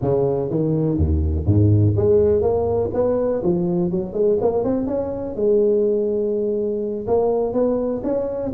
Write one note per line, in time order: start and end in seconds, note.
0.01 0.50 C#3
0.50 0.97 D#3
0.97 1.45 D#2
1.45 1.94 G#2
1.96 2.41 G#3
2.41 2.90 A#3
2.93 3.42 B3
3.43 3.90 F3
3.90 4.13 F#3
4.13 4.37 G#3
4.41 4.63 A#3
4.63 4.86 C4
4.86 5.35 C#4
5.35 7.06 G#3
7.07 7.53 A#3
7.53 8.02 B3
8.03 8.52 C#4